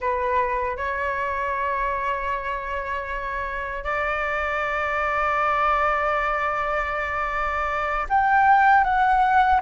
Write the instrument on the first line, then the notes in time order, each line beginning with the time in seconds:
flute
0.00 B4
0.76 C#5
3.84 D5
8.09 G5
8.84 F#5